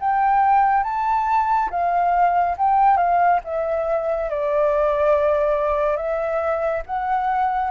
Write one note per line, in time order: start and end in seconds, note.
0.00 0.84 G5
0.84 1.69 A5
1.71 2.56 F5
2.58 2.97 G5
2.97 3.40 F5
3.44 4.30 E5
4.30 5.97 D5
5.97 6.83 E5
6.86 7.71 F#5